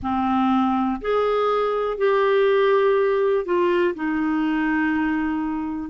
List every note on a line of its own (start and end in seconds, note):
0.02 1.00 C4
1.01 1.97 G#4
1.97 3.45 G4
3.45 3.94 F4
3.94 5.90 D#4